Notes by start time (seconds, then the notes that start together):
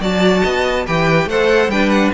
0.00 F#3 F#4 D5 A5
0.43 B3 D#5
0.86 E3 G4 B4 G5
1.26 A3 A4 C5 F#5
1.68 G3 D4 B4 G5
1.90 F#5